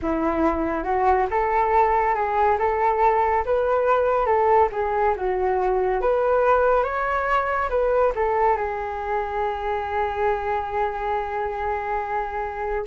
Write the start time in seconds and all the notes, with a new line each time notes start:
0.02 E4
0.83 F#4
1.30 A4
2.14 G#4
2.58 A4
3.45 B4
4.26 A4
4.71 G#4
5.16 F#4
6.01 B4
6.83 C#5
7.69 B4
8.15 A4
8.56 G#4